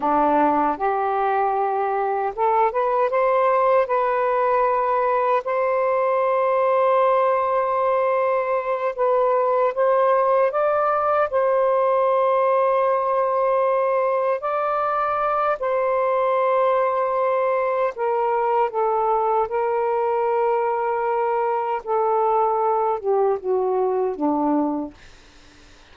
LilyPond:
\new Staff \with { instrumentName = "saxophone" } { \time 4/4 \tempo 4 = 77 d'4 g'2 a'8 b'8 | c''4 b'2 c''4~ | c''2.~ c''8 b'8~ | b'8 c''4 d''4 c''4.~ |
c''2~ c''8 d''4. | c''2. ais'4 | a'4 ais'2. | a'4. g'8 fis'4 d'4 | }